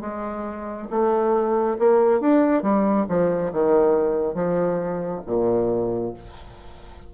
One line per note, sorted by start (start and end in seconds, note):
0.00 0.87 G#3
0.90 1.77 A3
1.78 2.20 A#3
2.20 2.62 D4
2.62 3.06 G3
3.08 3.52 F3
3.52 4.34 D#3
4.34 5.21 F3
5.26 6.13 A#2